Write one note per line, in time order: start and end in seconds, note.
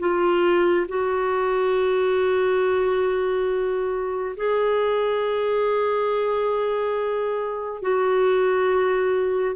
0.00 0.87 F4
0.89 4.36 F#4
4.37 7.82 G#4
7.82 9.56 F#4